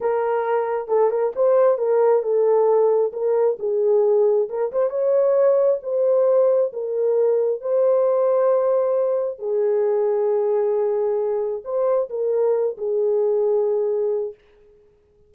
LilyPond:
\new Staff \with { instrumentName = "horn" } { \time 4/4 \tempo 4 = 134 ais'2 a'8 ais'8 c''4 | ais'4 a'2 ais'4 | gis'2 ais'8 c''8 cis''4~ | cis''4 c''2 ais'4~ |
ais'4 c''2.~ | c''4 gis'2.~ | gis'2 c''4 ais'4~ | ais'8 gis'2.~ gis'8 | }